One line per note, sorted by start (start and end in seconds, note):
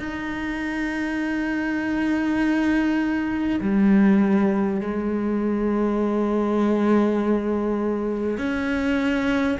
0.00 3.60 D#4
3.61 4.81 G3
4.81 8.38 G#3
8.38 9.58 C#4